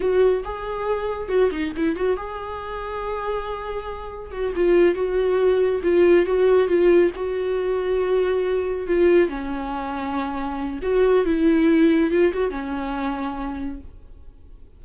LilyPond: \new Staff \with { instrumentName = "viola" } { \time 4/4 \tempo 4 = 139 fis'4 gis'2 fis'8 dis'8 | e'8 fis'8 gis'2.~ | gis'2 fis'8 f'4 fis'8~ | fis'4. f'4 fis'4 f'8~ |
f'8 fis'2.~ fis'8~ | fis'8 f'4 cis'2~ cis'8~ | cis'4 fis'4 e'2 | f'8 fis'8 cis'2. | }